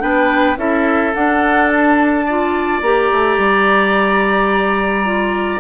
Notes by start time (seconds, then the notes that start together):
0.00 B3 D4 B4 G5
0.57 C#4 E4 A4 E5
1.14 D4 F#5
1.69 A5
2.26 F4 D5
2.82 A#3 G4 A#5
3.12 A3
3.38 G3
5.05 F4